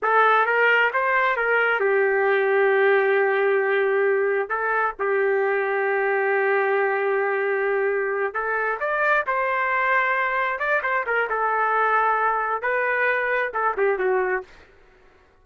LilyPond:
\new Staff \with { instrumentName = "trumpet" } { \time 4/4 \tempo 4 = 133 a'4 ais'4 c''4 ais'4 | g'1~ | g'2 a'4 g'4~ | g'1~ |
g'2~ g'8 a'4 d''8~ | d''8 c''2. d''8 | c''8 ais'8 a'2. | b'2 a'8 g'8 fis'4 | }